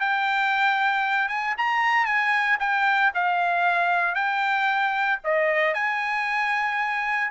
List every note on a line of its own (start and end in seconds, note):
0.00 1.29 G5
1.29 1.55 G#5
1.58 2.06 A#5
2.06 2.58 G#5
2.60 3.12 G5
3.14 4.15 F5
4.15 5.19 G5
5.24 5.74 D#5
5.74 7.31 G#5